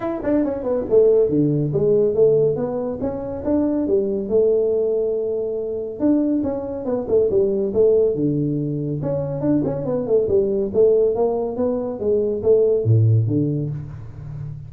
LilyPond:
\new Staff \with { instrumentName = "tuba" } { \time 4/4 \tempo 4 = 140 e'8 d'8 cis'8 b8 a4 d4 | gis4 a4 b4 cis'4 | d'4 g4 a2~ | a2 d'4 cis'4 |
b8 a8 g4 a4 d4~ | d4 cis'4 d'8 cis'8 b8 a8 | g4 a4 ais4 b4 | gis4 a4 a,4 d4 | }